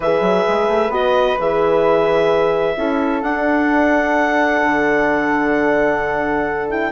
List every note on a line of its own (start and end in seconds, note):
0.00 0.21 E3
0.00 0.91 G#4
0.00 2.74 B4
0.00 0.92 E5
0.21 0.44 F#3
0.47 0.68 G#3
0.68 0.89 A3
0.89 1.35 B3
0.89 1.37 F#4
0.89 1.38 D#5
1.39 2.76 E3
1.39 2.76 G#4
1.39 3.22 E5
2.76 3.22 C#4
2.76 3.22 E4
2.76 6.92 A4
3.22 4.61 D4
3.22 6.68 D4
3.22 6.68 F#5
4.62 6.92 D3
6.68 6.92 E4
6.68 6.92 G5